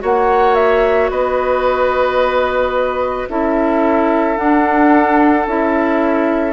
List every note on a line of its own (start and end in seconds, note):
0.00 1.10 A#3
0.00 3.27 F#4
0.00 1.11 C#5
0.00 0.55 F#5
0.55 1.09 E5
1.10 3.28 B3
1.10 3.29 B4
1.10 3.29 D#5
3.29 4.38 C#4
3.29 4.36 E4
3.29 6.53 A4
3.29 4.37 E5
4.36 5.45 D4
4.36 5.46 D4
4.36 5.46 F#5
5.46 6.53 C#4
5.46 6.53 E4
5.46 6.53 E5